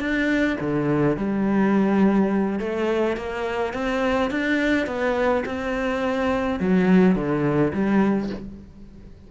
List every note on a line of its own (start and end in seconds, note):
0.00 0.57 D4
0.61 1.17 D3
1.17 2.59 G3
2.59 3.17 A3
3.17 3.74 A#3
3.74 4.31 C4
4.31 4.87 D4
4.87 5.44 B3
5.46 6.60 C4
6.60 7.15 F#3
7.15 7.72 D3
7.73 8.30 G3